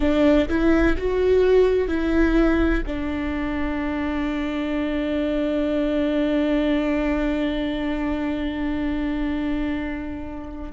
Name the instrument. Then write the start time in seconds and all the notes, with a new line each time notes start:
viola
0.00 D4
0.48 E4
0.97 F#4
1.88 E4
2.86 D4